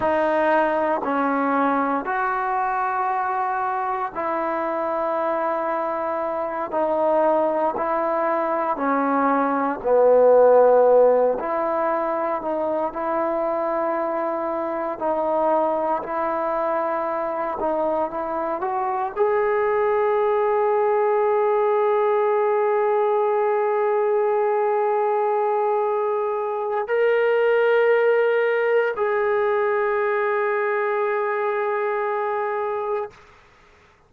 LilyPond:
\new Staff \with { instrumentName = "trombone" } { \time 4/4 \tempo 4 = 58 dis'4 cis'4 fis'2 | e'2~ e'8 dis'4 e'8~ | e'8 cis'4 b4. e'4 | dis'8 e'2 dis'4 e'8~ |
e'4 dis'8 e'8 fis'8 gis'4.~ | gis'1~ | gis'2 ais'2 | gis'1 | }